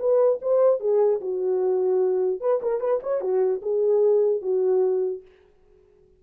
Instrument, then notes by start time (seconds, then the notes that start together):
horn
0.00 B4
0.42 C5
0.81 G#4
1.21 F#4
2.41 B4
2.62 A#4
2.81 B4
3.03 C#5
3.21 F#4
3.63 G#4
4.42 F#4